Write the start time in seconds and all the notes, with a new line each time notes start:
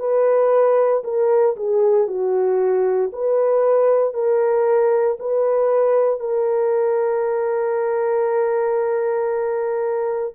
0.00 B4
1.04 A#4
1.57 G#4
2.08 F#4
3.13 B4
4.14 A#4
5.20 B4
6.20 A#4